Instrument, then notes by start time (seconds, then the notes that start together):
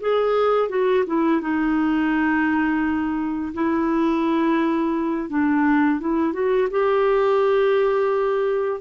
clarinet
0.00 G#4
0.69 F#4
1.07 E4
1.41 D#4
3.54 E4
5.29 D4
6.00 E4
6.33 F#4
6.71 G4